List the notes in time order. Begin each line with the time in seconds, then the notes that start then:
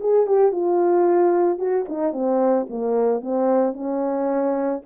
0.00 G#4
0.27 G4
0.52 F4
1.58 F#4
1.88 D#4
2.13 C4
2.69 A#3
3.21 C4
3.73 C#4